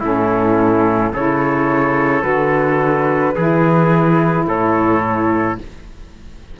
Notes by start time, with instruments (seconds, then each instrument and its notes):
0.00 cello A2, saxophone C#4, trumpet E4, flute A4
1.12 cello C#3, saxophone E4, trumpet A4, flute C#5
2.21 cello D3, saxophone F#4, flute B4
3.36 cello E3, saxophone E4, trumpet G#4
4.47 cello A2, trumpet A4, flute C#5